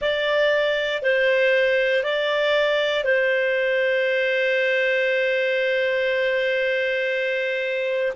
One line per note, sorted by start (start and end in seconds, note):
0.01 1.02 D5
1.02 2.03 C5
2.03 3.04 D5
3.04 8.12 C5